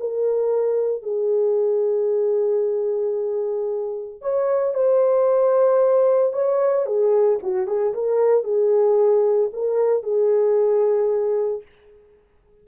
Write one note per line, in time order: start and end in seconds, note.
0.00 1.03 A#4
1.03 4.22 G#4
4.22 4.74 C#5
4.74 6.33 C5
6.33 6.86 C#5
6.86 7.39 G#4
7.43 7.67 F#4
7.67 7.94 G#4
7.94 8.44 A#4
8.44 9.50 G#4
9.53 10.03 A#4
10.03 11.62 G#4